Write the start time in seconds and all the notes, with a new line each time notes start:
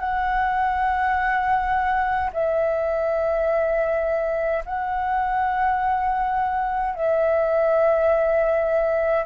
0.00 F#5
2.33 E5
4.66 F#5
6.95 E5